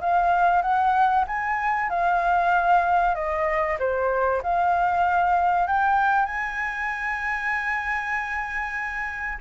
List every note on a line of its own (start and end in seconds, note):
0.00 0.62 F5
0.62 1.24 F#5
1.27 1.89 G#5
1.89 3.14 F5
3.14 3.77 D#5
3.79 4.41 C5
4.42 5.67 F5
5.67 6.25 G5
6.25 9.38 G#5